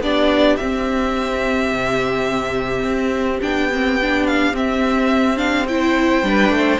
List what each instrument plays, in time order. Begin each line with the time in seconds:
0.00 cello B3, viola D4 G4, violin D5
0.57 viola C4, cello C4, violin E5
1.71 cello C3
2.84 cello C4
3.42 cello B3, viola D4, violin G5
3.73 viola C4
4.02 viola D4
4.27 violin F5
4.53 cello C4, viola C4, violin E5
5.37 viola D4, violin F5
5.68 viola E4 C5, violin G5
6.23 cello G3, viola D4 B4
6.50 cello A3
6.56 viola C5